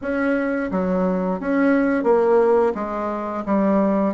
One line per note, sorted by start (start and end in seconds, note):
0.01 0.70 C#4
0.71 1.40 F#3
1.40 2.03 C#4
2.03 2.72 A#3
2.75 3.44 G#3
3.45 4.14 G3